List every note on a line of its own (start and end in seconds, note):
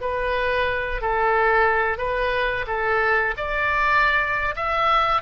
0.00 1.01 B4
1.01 1.98 A4
1.98 2.65 B4
2.67 3.34 A4
3.36 4.54 D5
4.56 5.22 E5